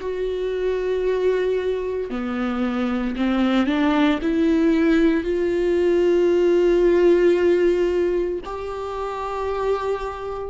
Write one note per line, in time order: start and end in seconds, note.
0.00 2.11 F#4
2.11 3.16 B3
3.17 3.67 C4
3.67 4.20 D4
4.22 5.24 E4
5.24 8.40 F4
8.45 10.50 G4